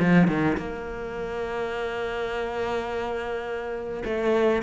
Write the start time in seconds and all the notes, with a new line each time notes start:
0.00 F3
0.28 D#3
0.57 A#3
4.05 A3